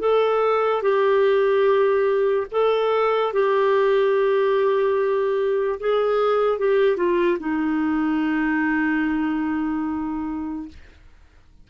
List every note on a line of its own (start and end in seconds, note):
0.00 0.82 A4
0.82 2.47 G4
2.52 3.33 A4
3.33 5.79 G4
5.80 6.59 G#4
6.59 6.97 G4
6.97 7.38 F4
7.40 10.68 D#4